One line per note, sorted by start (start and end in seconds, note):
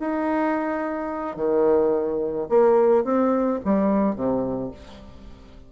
0.00 1.36 D#4
1.36 2.47 D#3
2.49 3.05 A#3
3.05 3.60 C4
3.65 4.15 G3
4.15 4.71 C3